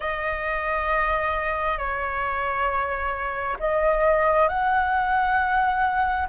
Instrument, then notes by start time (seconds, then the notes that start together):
flute
0.00 D#5
1.77 C#5
3.59 D#5
4.48 F#5